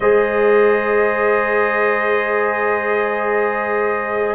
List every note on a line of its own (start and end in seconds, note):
0.00 4.35 G#3
0.00 4.35 G#4
0.00 4.35 C5
0.00 4.35 D#5